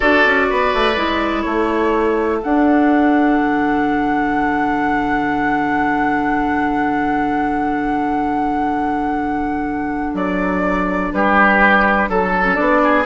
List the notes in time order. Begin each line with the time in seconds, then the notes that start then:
0.00 D4 F#4 A4 D5
0.25 C#4
0.49 B3 B4
0.73 A3
0.96 G#3 E4
1.41 A3 A4 C#5
2.42 D4 F#5
3.40 D3
10.14 F#3 D5
11.12 G3 G4 B4
12.09 F#3 A4
12.43 C#4
12.55 B3 D4 D5
12.83 G#4